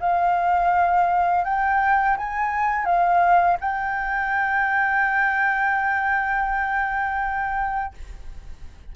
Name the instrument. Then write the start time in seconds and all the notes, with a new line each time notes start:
flute
0.00 F5
1.44 G5
2.17 G#5
2.85 F5
3.60 G5